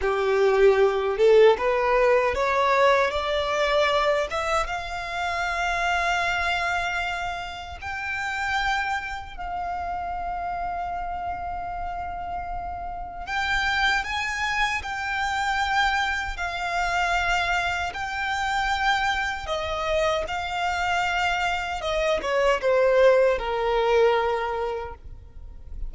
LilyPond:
\new Staff \with { instrumentName = "violin" } { \time 4/4 \tempo 4 = 77 g'4. a'8 b'4 cis''4 | d''4. e''8 f''2~ | f''2 g''2 | f''1~ |
f''4 g''4 gis''4 g''4~ | g''4 f''2 g''4~ | g''4 dis''4 f''2 | dis''8 cis''8 c''4 ais'2 | }